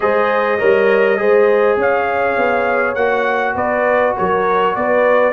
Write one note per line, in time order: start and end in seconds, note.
0.00 0.60 G#3
0.00 0.58 G#4
0.00 0.59 C5
0.00 1.78 D#5
0.58 1.20 G3
0.58 1.17 A#4
0.58 1.18 C#5
1.17 1.76 G#3
1.17 2.96 G#4
1.17 1.79 C5
1.76 2.36 C#4
1.76 3.54 C#5
1.76 2.95 F5
2.37 2.95 B3
2.95 3.55 A#3
2.95 5.33 F#4
2.95 3.54 F#5
3.54 4.14 B3
3.54 4.14 B4
3.54 4.15 D5
4.16 4.75 F#3
4.16 4.76 A#4
4.16 4.75 C#5
4.75 5.33 B3
4.75 5.33 B4
4.75 5.33 D5